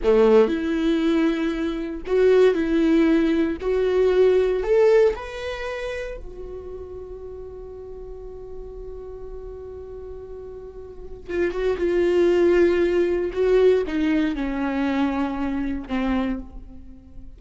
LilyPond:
\new Staff \with { instrumentName = "viola" } { \time 4/4 \tempo 4 = 117 a4 e'2. | fis'4 e'2 fis'4~ | fis'4 a'4 b'2 | fis'1~ |
fis'1~ | fis'2 f'8 fis'8 f'4~ | f'2 fis'4 dis'4 | cis'2. c'4 | }